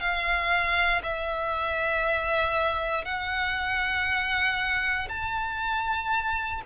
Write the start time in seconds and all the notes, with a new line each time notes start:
0.00 F5
1.03 E5
3.05 F#5
5.09 A5